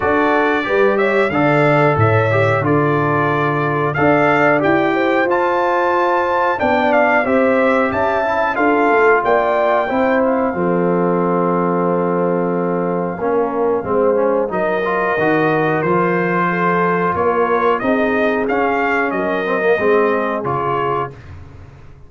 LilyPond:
<<
  \new Staff \with { instrumentName = "trumpet" } { \time 4/4 \tempo 4 = 91 d''4. e''8 f''4 e''4 | d''2 f''4 g''4 | a''2 g''8 f''8 e''4 | a''4 f''4 g''4. f''8~ |
f''1~ | f''2 dis''2 | c''2 cis''4 dis''4 | f''4 dis''2 cis''4 | }
  \new Staff \with { instrumentName = "horn" } { \time 4/4 a'4 b'8 cis''8 d''4 cis''4 | a'2 d''4. c''8~ | c''2 d''4 c''4 | e''4 a'4 d''4 c''4 |
a'1 | ais'4 c''4 ais'2~ | ais'4 a'4 ais'4 gis'4~ | gis'4 ais'4 gis'2 | }
  \new Staff \with { instrumentName = "trombone" } { \time 4/4 fis'4 g'4 a'4. g'8 | f'2 a'4 g'4 | f'2 d'4 g'4~ | g'8 e'8 f'2 e'4 |
c'1 | cis'4 c'8 cis'8 dis'8 f'8 fis'4 | f'2. dis'4 | cis'4. c'16 ais16 c'4 f'4 | }
  \new Staff \with { instrumentName = "tuba" } { \time 4/4 d'4 g4 d4 a,4 | d2 d'4 e'4 | f'2 b4 c'4 | cis'4 d'8 a8 ais4 c'4 |
f1 | ais4 gis4 fis4 dis4 | f2 ais4 c'4 | cis'4 fis4 gis4 cis4 | }
>>